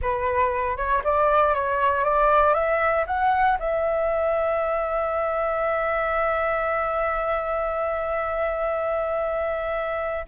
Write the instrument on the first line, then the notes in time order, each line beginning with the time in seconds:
flute
0.01 B4
0.76 C#5
1.03 D5
1.54 C#5
2.04 D5
2.54 E5
3.07 F#5
3.59 E5